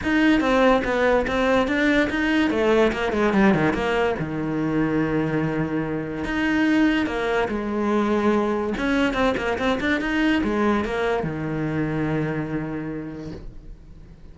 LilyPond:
\new Staff \with { instrumentName = "cello" } { \time 4/4 \tempo 4 = 144 dis'4 c'4 b4 c'4 | d'4 dis'4 a4 ais8 gis8 | g8 dis8 ais4 dis2~ | dis2. dis'4~ |
dis'4 ais4 gis2~ | gis4 cis'4 c'8 ais8 c'8 d'8 | dis'4 gis4 ais4 dis4~ | dis1 | }